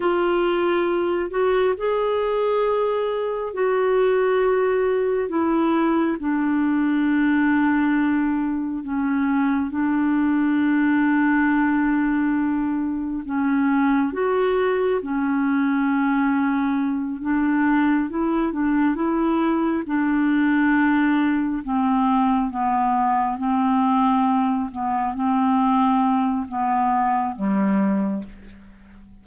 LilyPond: \new Staff \with { instrumentName = "clarinet" } { \time 4/4 \tempo 4 = 68 f'4. fis'8 gis'2 | fis'2 e'4 d'4~ | d'2 cis'4 d'4~ | d'2. cis'4 |
fis'4 cis'2~ cis'8 d'8~ | d'8 e'8 d'8 e'4 d'4.~ | d'8 c'4 b4 c'4. | b8 c'4. b4 g4 | }